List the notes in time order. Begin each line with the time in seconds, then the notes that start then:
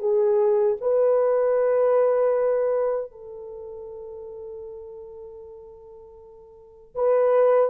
0.00 G#4
0.81 B4
3.12 A4
6.95 B4